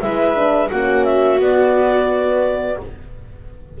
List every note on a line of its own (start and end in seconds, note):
0.00 0.70 G#3
0.00 0.35 E4
0.00 0.68 B4
0.00 0.69 E5
0.35 0.69 D4
0.68 1.38 A#3
0.68 1.40 C#4
0.68 2.75 F#4
0.68 1.04 F#5
1.04 1.39 E5
1.38 2.76 B3
1.38 2.77 B3
1.38 2.80 D5